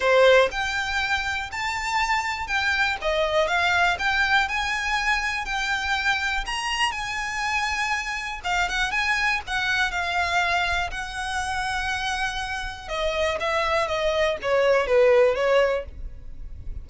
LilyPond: \new Staff \with { instrumentName = "violin" } { \time 4/4 \tempo 4 = 121 c''4 g''2 a''4~ | a''4 g''4 dis''4 f''4 | g''4 gis''2 g''4~ | g''4 ais''4 gis''2~ |
gis''4 f''8 fis''8 gis''4 fis''4 | f''2 fis''2~ | fis''2 dis''4 e''4 | dis''4 cis''4 b'4 cis''4 | }